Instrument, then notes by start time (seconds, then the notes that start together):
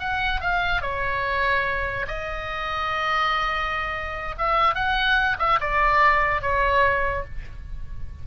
oboe
0.00 F#5
0.41 F5
0.82 C#5
2.08 D#5
4.38 E5
4.75 F#5
5.39 E5
5.61 D5
6.42 C#5